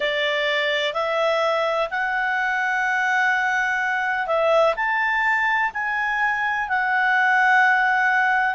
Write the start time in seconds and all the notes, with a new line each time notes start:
0.00 D5
0.93 E5
1.90 F#5
4.26 E5
4.76 A5
5.73 G#5
6.68 F#5